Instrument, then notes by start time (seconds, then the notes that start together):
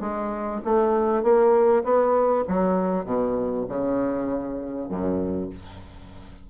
bassoon
0.00 G#3
0.64 A3
1.23 A#3
1.83 B3
2.47 F#3
3.05 B2
3.68 C#3
4.89 F#2